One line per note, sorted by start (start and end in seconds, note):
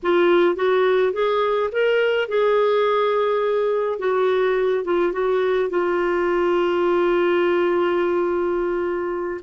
0.03 0.55 F4
0.55 1.12 F#4
1.12 1.69 G#4
1.71 2.28 A#4
2.28 3.98 G#4
3.98 4.84 F#4
4.84 5.12 F4
5.12 5.69 F#4
5.69 9.41 F4